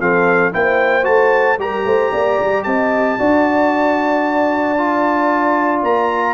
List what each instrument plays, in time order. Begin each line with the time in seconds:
0.00 tuba F3, trombone C4, horn A4, trumpet F5
0.52 tuba A#3, trombone E4, horn C5, trumpet G5
1.03 tuba A3, trombone F#4, trumpet A5
1.59 tuba G3, trombone G4, horn A#4, trumpet A#5
1.85 tuba A3, horn C5
2.12 tuba A#3, horn D5
2.40 tuba G3
2.63 tuba C4, horn D#5, trumpet A5
3.18 tuba D4, trombone F#4, horn D5
4.78 trombone F4
5.83 tuba A#3, trumpet A#5